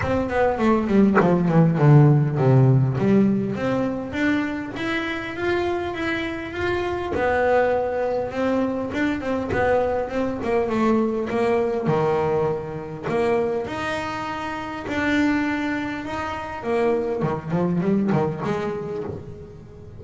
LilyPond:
\new Staff \with { instrumentName = "double bass" } { \time 4/4 \tempo 4 = 101 c'8 b8 a8 g8 f8 e8 d4 | c4 g4 c'4 d'4 | e'4 f'4 e'4 f'4 | b2 c'4 d'8 c'8 |
b4 c'8 ais8 a4 ais4 | dis2 ais4 dis'4~ | dis'4 d'2 dis'4 | ais4 dis8 f8 g8 dis8 gis4 | }